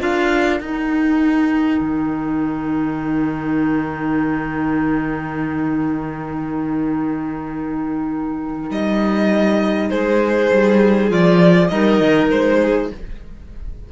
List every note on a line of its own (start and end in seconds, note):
0.00 0.61 D4
0.00 0.60 F4
0.00 9.90 A#4
0.00 0.61 F5
0.61 1.81 D#4
0.61 11.10 D#4
0.61 8.71 G5
1.81 8.71 D#3
8.71 9.90 G3
8.71 9.90 D#5
9.90 10.52 G#3
9.90 11.71 G#4
9.90 11.10 C5
10.52 11.11 G3
11.10 11.71 F3
11.10 11.70 F4
11.10 11.69 D5
11.69 12.01 G3
11.69 12.91 D#4
11.69 12.60 A#4
11.69 12.29 D#5
12.01 12.30 D#3
12.31 12.92 G#3
12.31 12.91 C5
12.60 12.90 G#4